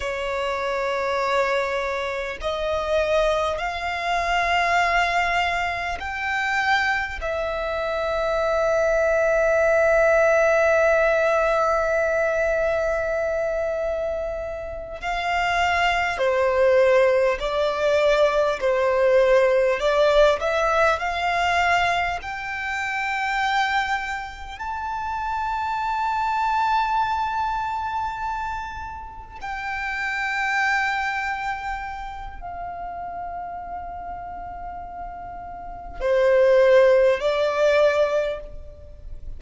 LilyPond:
\new Staff \with { instrumentName = "violin" } { \time 4/4 \tempo 4 = 50 cis''2 dis''4 f''4~ | f''4 g''4 e''2~ | e''1~ | e''8 f''4 c''4 d''4 c''8~ |
c''8 d''8 e''8 f''4 g''4.~ | g''8 a''2.~ a''8~ | a''8 g''2~ g''8 f''4~ | f''2 c''4 d''4 | }